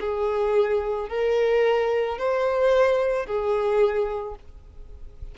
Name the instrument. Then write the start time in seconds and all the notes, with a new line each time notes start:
violin
0.00 G#4
1.09 A#4
2.18 C5
3.26 G#4